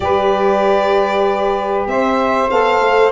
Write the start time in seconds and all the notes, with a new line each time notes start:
0.00 G3 G4 B4 D5
1.85 C4 C5 E5
2.50 B3 A4 F5
2.79 A3